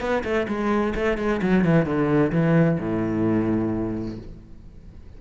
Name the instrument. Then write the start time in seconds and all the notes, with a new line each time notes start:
cello
0.00 B3
0.23 A3
0.48 G#3
0.95 A3
1.17 G#3
1.42 F#3
1.64 E3
1.85 D3
2.32 E3
2.79 A2